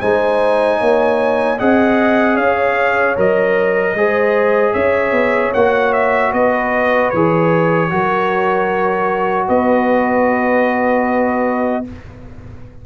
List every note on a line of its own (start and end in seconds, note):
0.00 0.80 G#3
0.00 1.58 D#4
0.00 0.78 C5
0.00 1.58 G#5
0.78 1.60 A#3
0.78 1.57 C#5
1.57 2.37 C4
1.57 3.16 G#4
1.57 2.35 D#5
1.57 2.37 F#5
2.35 3.16 C#4
2.35 3.93 C#5
2.35 3.16 F5
3.16 3.94 F#3
3.16 3.95 A#4
3.16 4.73 D#5
3.94 4.73 G#3
3.94 5.55 G#4
3.94 4.73 C5
4.73 5.11 C#4
4.73 6.31 C#5
4.73 5.52 E5
5.11 5.51 B3
5.54 6.33 A#3
5.54 7.14 F#4
5.54 5.93 F#5
5.93 6.32 E5
6.31 7.12 B3
6.31 7.89 B4
6.31 7.10 D#5
7.10 7.91 E3
7.10 7.90 G#4
7.10 9.47 C#5
7.90 9.49 F#3
7.90 11.84 F#4
7.90 9.48 A#4
9.48 11.86 B3
9.48 11.84 B4
9.48 11.85 D#5